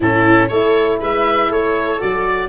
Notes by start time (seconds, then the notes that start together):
0.00 A2 C#4 E4 A4
0.48 A3 E4 A4 C#5
1.00 G#3 B4 E5
1.49 A3 A4 C#5
1.99 F#3 F#4 D5